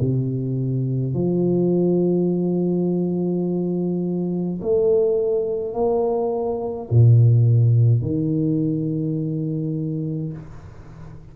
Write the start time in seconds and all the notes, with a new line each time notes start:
0.00 C3
1.14 F3
4.62 A3
5.74 A#3
6.91 A#2
8.02 D#3